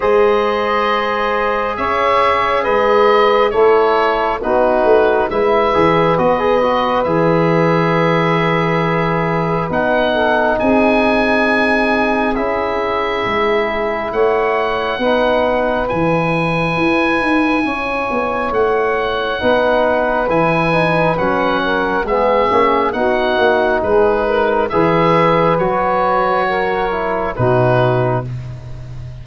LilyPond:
<<
  \new Staff \with { instrumentName = "oboe" } { \time 4/4 \tempo 4 = 68 dis''2 e''4 dis''4 | cis''4 b'4 e''4 dis''4 | e''2. fis''4 | gis''2 e''2 |
fis''2 gis''2~ | gis''4 fis''2 gis''4 | fis''4 e''4 fis''4 b'4 | e''4 cis''2 b'4 | }
  \new Staff \with { instrumentName = "saxophone" } { \time 4/4 c''2 cis''4 b'4 | a'4 fis'4 b'2~ | b'2.~ b'8 a'8 | gis'1 |
cis''4 b'2. | cis''2 b'2~ | b'8 ais'8 gis'4 fis'4 gis'8 ais'8 | b'2 ais'4 fis'4 | }
  \new Staff \with { instrumentName = "trombone" } { \time 4/4 gis'1 | e'4 dis'4 e'8 gis'8 fis'16 gis'16 fis'8 | gis'2. dis'4~ | dis'2 e'2~ |
e'4 dis'4 e'2~ | e'2 dis'4 e'8 dis'8 | cis'4 b8 cis'8 dis'2 | gis'4 fis'4. e'8 dis'4 | }
  \new Staff \with { instrumentName = "tuba" } { \time 4/4 gis2 cis'4 gis4 | a4 b8 a8 gis8 e8 b4 | e2. b4 | c'2 cis'4 gis4 |
a4 b4 e4 e'8 dis'8 | cis'8 b8 a4 b4 e4 | fis4 gis8 ais8 b8 ais8 gis4 | e4 fis2 b,4 | }
>>